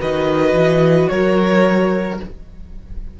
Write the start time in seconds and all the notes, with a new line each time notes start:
0.00 D#3 F#4 B4 D#5
0.53 E3
1.09 F#3 A#4 C#5